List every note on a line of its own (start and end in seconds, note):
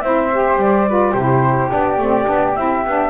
0.00 0.55 C4
0.00 0.31 E4
0.00 0.88 C5
0.00 0.57 E5
0.32 0.88 G4
0.55 1.12 G3
0.55 1.13 D5
0.88 1.16 F4
0.88 1.11 B4
1.11 1.70 C3
1.11 1.69 E4
1.11 3.09 G4
1.11 1.69 C5
1.69 1.98 B3
1.69 1.97 D4
1.69 2.55 D5
1.98 2.26 A3
1.98 2.25 C4
2.25 2.56 B3
2.25 2.53 D4
2.55 2.85 C4
2.55 2.84 E4
2.55 3.10 E5
2.85 3.10 B3
2.85 3.10 D4